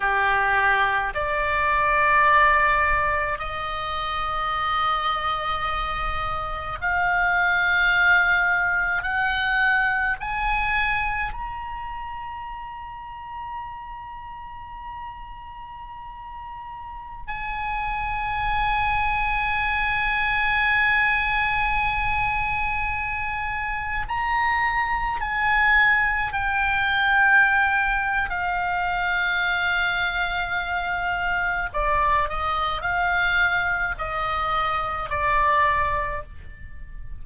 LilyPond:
\new Staff \with { instrumentName = "oboe" } { \time 4/4 \tempo 4 = 53 g'4 d''2 dis''4~ | dis''2 f''2 | fis''4 gis''4 ais''2~ | ais''2.~ ais''16 gis''8.~ |
gis''1~ | gis''4~ gis''16 ais''4 gis''4 g''8.~ | g''4 f''2. | d''8 dis''8 f''4 dis''4 d''4 | }